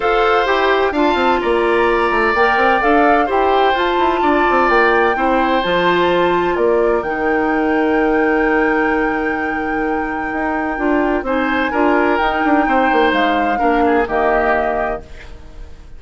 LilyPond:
<<
  \new Staff \with { instrumentName = "flute" } { \time 4/4 \tempo 4 = 128 f''4 g''4 a''4 ais''4~ | ais''4 g''4 f''4 g''4 | a''2 g''2 | a''2 d''4 g''4~ |
g''1~ | g''1 | gis''2 g''2 | f''2 dis''2 | }
  \new Staff \with { instrumentName = "oboe" } { \time 4/4 c''2 f''4 d''4~ | d''2. c''4~ | c''4 d''2 c''4~ | c''2 ais'2~ |
ais'1~ | ais'1 | c''4 ais'2 c''4~ | c''4 ais'8 gis'8 g'2 | }
  \new Staff \with { instrumentName = "clarinet" } { \time 4/4 a'4 g'4 f'2~ | f'4 ais'4 a'4 g'4 | f'2. e'4 | f'2. dis'4~ |
dis'1~ | dis'2. f'4 | dis'4 f'4 dis'2~ | dis'4 d'4 ais2 | }
  \new Staff \with { instrumentName = "bassoon" } { \time 4/4 f'4 e'4 d'8 c'8 ais4~ | ais8 a8 ais8 c'8 d'4 e'4 | f'8 e'8 d'8 c'8 ais4 c'4 | f2 ais4 dis4~ |
dis1~ | dis2 dis'4 d'4 | c'4 d'4 dis'8 d'8 c'8 ais8 | gis4 ais4 dis2 | }
>>